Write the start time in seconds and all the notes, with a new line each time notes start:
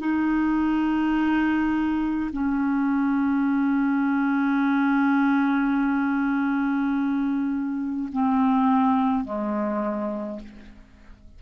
0.00 D#4
2.33 C#4
8.13 C4
9.25 G#3